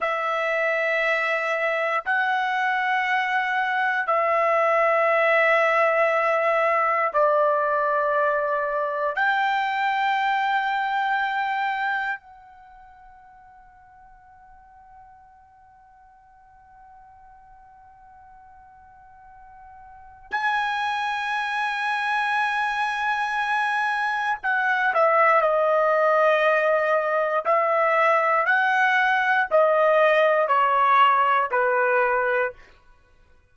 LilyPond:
\new Staff \with { instrumentName = "trumpet" } { \time 4/4 \tempo 4 = 59 e''2 fis''2 | e''2. d''4~ | d''4 g''2. | fis''1~ |
fis''1 | gis''1 | fis''8 e''8 dis''2 e''4 | fis''4 dis''4 cis''4 b'4 | }